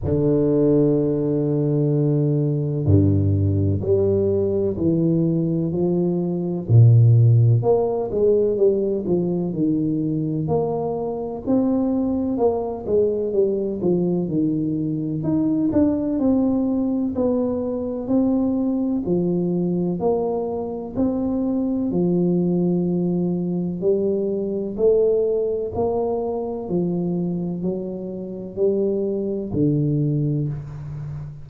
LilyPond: \new Staff \with { instrumentName = "tuba" } { \time 4/4 \tempo 4 = 63 d2. g,4 | g4 e4 f4 ais,4 | ais8 gis8 g8 f8 dis4 ais4 | c'4 ais8 gis8 g8 f8 dis4 |
dis'8 d'8 c'4 b4 c'4 | f4 ais4 c'4 f4~ | f4 g4 a4 ais4 | f4 fis4 g4 d4 | }